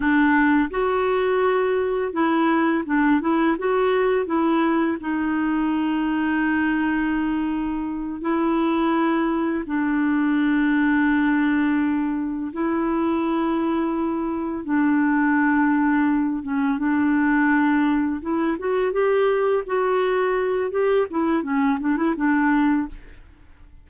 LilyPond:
\new Staff \with { instrumentName = "clarinet" } { \time 4/4 \tempo 4 = 84 d'4 fis'2 e'4 | d'8 e'8 fis'4 e'4 dis'4~ | dis'2.~ dis'8 e'8~ | e'4. d'2~ d'8~ |
d'4. e'2~ e'8~ | e'8 d'2~ d'8 cis'8 d'8~ | d'4. e'8 fis'8 g'4 fis'8~ | fis'4 g'8 e'8 cis'8 d'16 e'16 d'4 | }